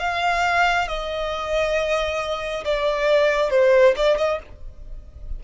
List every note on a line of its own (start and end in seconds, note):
0.00 0.88 F5
0.88 2.65 D#5
2.65 3.51 D5
3.51 3.95 C5
3.96 4.18 D5
4.18 4.40 D#5